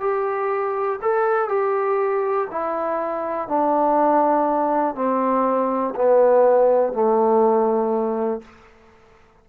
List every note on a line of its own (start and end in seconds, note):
0.00 0.99 G4
1.02 1.49 A4
1.49 2.48 G4
2.51 3.48 E4
3.48 4.95 D4
4.95 5.94 C4
5.95 6.93 B3
6.93 8.42 A3